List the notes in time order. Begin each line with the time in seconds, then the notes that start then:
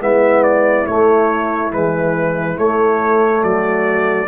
0.00 G#3 B3 E4 E5
0.43 D5
0.86 A3 C#5
1.71 E3 G#3 B4
2.55 A3 C#5
3.43 F#3 F#4 D5